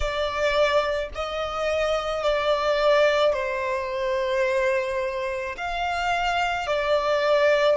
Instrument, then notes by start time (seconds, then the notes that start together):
violin
0.00 D5
1.15 D#5
2.23 D5
3.33 C5
5.57 F5
6.66 D5